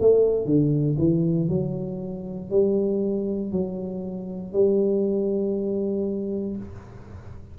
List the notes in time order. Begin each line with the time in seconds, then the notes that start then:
0.00 A3
0.45 D3
0.98 E3
1.48 F#3
2.50 G3
3.51 F#3
4.53 G3